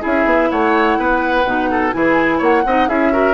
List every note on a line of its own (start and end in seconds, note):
0.00 0.25 C#4
0.00 1.43 E4
0.00 0.49 G#4
0.00 0.51 E5
0.25 0.49 B3
0.51 0.98 A3
0.51 0.98 C#5
0.51 1.92 F#5
0.98 1.45 B3
0.98 1.70 B4
1.45 1.93 B2
1.45 1.92 D#4
1.70 1.94 A4
1.92 2.41 E3
1.92 2.64 E4
1.92 2.38 G#4
1.92 2.40 G#5
2.38 2.65 A#3
2.38 2.62 C#5
2.38 2.89 F#5
2.65 2.89 C4
2.65 2.89 D#4
2.65 2.89 D#5
2.89 3.34 C#4
2.89 3.12 E4
2.89 3.12 G#4
2.89 3.34 E5
3.13 3.34 F#4
3.13 3.34 A#4